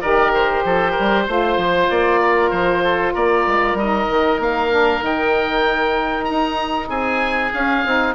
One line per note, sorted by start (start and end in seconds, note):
0.00 0.64 D#3
0.00 1.27 G4
0.00 0.64 A#4
0.00 0.31 D5
0.33 1.89 C5
0.64 0.95 F3
0.64 0.91 A4
0.91 1.22 A#4
0.99 1.27 G3
1.26 1.57 A3
1.26 3.77 F4
1.26 2.20 C5
1.57 1.88 F3
1.89 2.51 A#3
1.89 2.50 D5
2.21 2.83 A#4
2.50 3.13 F3
2.50 3.12 C5
2.83 3.13 A4
3.13 3.46 A#3
3.13 6.88 A#4
3.13 3.77 D5
3.46 3.73 G#3
3.73 4.05 G3
3.73 4.70 D#4
3.73 4.40 D#5
4.09 4.39 D#3
4.39 5.01 A#3
4.39 5.04 F5
4.70 5.00 D4
5.00 6.26 D#3
5.00 7.50 D#4
5.00 6.24 G5
6.24 6.89 D#4
6.24 6.87 A#5
6.89 7.51 C4
6.89 8.14 G#4
6.89 7.52 G#5
7.53 7.84 C#4
7.53 7.85 C#4
7.53 8.14 F5
7.85 8.14 C4
7.85 8.14 D#4